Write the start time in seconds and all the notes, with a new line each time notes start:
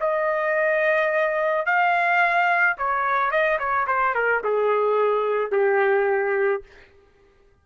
0.00 D#5
1.65 F5
2.78 C#5
3.31 D#5
3.59 C#5
3.87 C5
4.14 A#4
4.44 G#4
5.51 G4